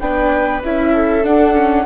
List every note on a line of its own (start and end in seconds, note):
0.00 0.62 B3
0.00 0.63 D4
0.00 0.93 B4
0.00 0.62 G5
0.64 1.26 C#4
0.64 1.24 E4
0.64 1.25 E5
0.93 1.86 A4
1.24 1.54 D4
1.24 1.87 D4
1.24 1.87 F#5
1.54 1.85 C#4